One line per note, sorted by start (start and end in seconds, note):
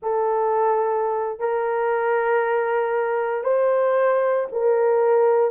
0.02 1.39 A4
1.39 3.43 A#4
3.43 4.46 C5
4.51 5.51 A#4